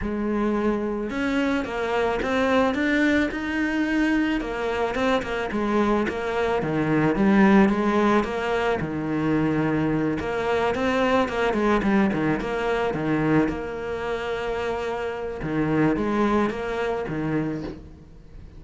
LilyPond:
\new Staff \with { instrumentName = "cello" } { \time 4/4 \tempo 4 = 109 gis2 cis'4 ais4 | c'4 d'4 dis'2 | ais4 c'8 ais8 gis4 ais4 | dis4 g4 gis4 ais4 |
dis2~ dis8 ais4 c'8~ | c'8 ais8 gis8 g8 dis8 ais4 dis8~ | dis8 ais2.~ ais8 | dis4 gis4 ais4 dis4 | }